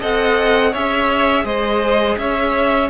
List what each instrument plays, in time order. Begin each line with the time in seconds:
0.00 cello C4, viola A4, violin D#5 F#5
0.72 cello C#4, viola G#4, violin C#5 E5
1.44 cello G#3, violin C5 D#5
2.18 cello C#4, violin C#5 E5